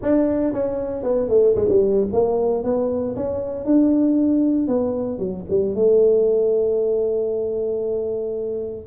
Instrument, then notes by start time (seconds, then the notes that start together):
tuba
0.02 D4
0.53 C#4
1.03 B3
1.28 A3
1.55 G#3
1.68 G3
2.12 A#3
2.63 B3
3.16 C#4
3.65 D4
4.67 B3
5.18 F#3
5.49 G3
5.75 A3